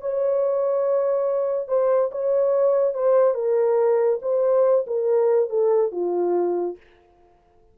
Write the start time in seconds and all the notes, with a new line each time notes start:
0.00 C#5
1.68 C5
2.11 C#5
2.94 C5
3.34 A#4
4.22 C5
4.87 A#4
5.50 A4
5.91 F4